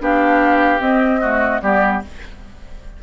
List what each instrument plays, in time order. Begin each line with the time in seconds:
0.00 bassoon B3, clarinet D4, oboe G4, flute F5
0.80 clarinet C4, bassoon C4, flute D#5
1.21 clarinet A3, oboe F#4
1.62 bassoon G3, clarinet B3, oboe G4, flute D5